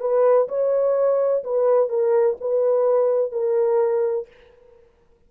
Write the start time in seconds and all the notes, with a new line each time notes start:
0.00 B4
0.48 C#5
1.44 B4
1.89 A#4
2.41 B4
3.32 A#4